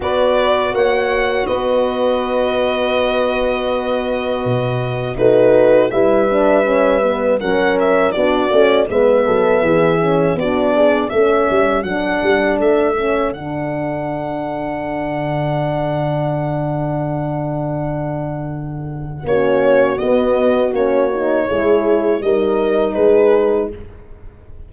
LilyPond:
<<
  \new Staff \with { instrumentName = "violin" } { \time 4/4 \tempo 4 = 81 d''4 fis''4 dis''2~ | dis''2. b'4 | e''2 fis''8 e''8 d''4 | e''2 d''4 e''4 |
fis''4 e''4 fis''2~ | fis''1~ | fis''2 cis''4 dis''4 | cis''2 dis''4 b'4 | }
  \new Staff \with { instrumentName = "horn" } { \time 4/4 b'4 cis''4 b'2~ | b'2. fis'4 | b'2 ais'4 fis'4 | b'8 a'8 gis'4 fis'8 gis'8 a'4~ |
a'1~ | a'1~ | a'2 fis'2~ | fis'4 gis'4 ais'4 gis'4 | }
  \new Staff \with { instrumentName = "horn" } { \time 4/4 fis'1~ | fis'2. dis'4 | e'8 d'8 cis'8 b8 cis'4 d'8 cis'8 | b4. cis'8 d'4 cis'4 |
d'4. cis'8 d'2~ | d'1~ | d'2 cis'4 b4 | cis'8 dis'8 e'4 dis'2 | }
  \new Staff \with { instrumentName = "tuba" } { \time 4/4 b4 ais4 b2~ | b2 b,4 a4 | g2 fis4 b8 a8 | gis8 fis8 e4 b4 a8 g8 |
fis8 g8 a4 d2~ | d1~ | d2 ais4 b4 | ais4 gis4 g4 gis4 | }
>>